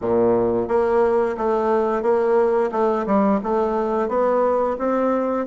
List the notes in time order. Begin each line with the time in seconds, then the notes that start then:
0.01 A#2
0.68 A#3
1.37 A3
2.02 A#3
2.71 A3
3.06 G3
3.43 A3
4.08 B3
4.78 C4